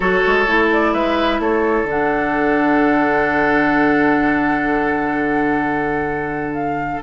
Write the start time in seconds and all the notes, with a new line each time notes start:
0.00 F#3 F#4 A4 C#5
0.26 G#3
0.46 A3 E4
0.72 D5
0.93 G#3 B4 E5
1.39 A3 A4 C#5
1.83 D3 D4
1.89 F#5
6.54 F5